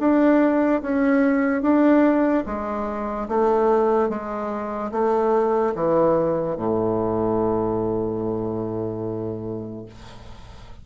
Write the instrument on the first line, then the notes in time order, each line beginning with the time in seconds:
bassoon
0.00 D4
0.82 C#4
1.62 D4
2.46 G#3
3.29 A3
4.09 G#3
4.92 A3
5.75 E3
6.57 A2